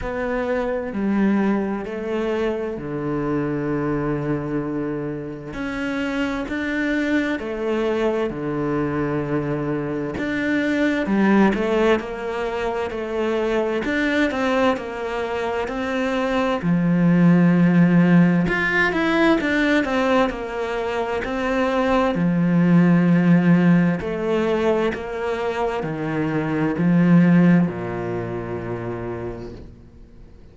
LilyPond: \new Staff \with { instrumentName = "cello" } { \time 4/4 \tempo 4 = 65 b4 g4 a4 d4~ | d2 cis'4 d'4 | a4 d2 d'4 | g8 a8 ais4 a4 d'8 c'8 |
ais4 c'4 f2 | f'8 e'8 d'8 c'8 ais4 c'4 | f2 a4 ais4 | dis4 f4 ais,2 | }